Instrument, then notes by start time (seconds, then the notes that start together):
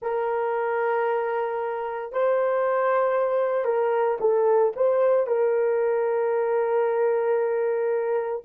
horn
0.01 A#4
2.12 C5
3.65 A#4
4.20 A4
4.76 C5
5.26 A#4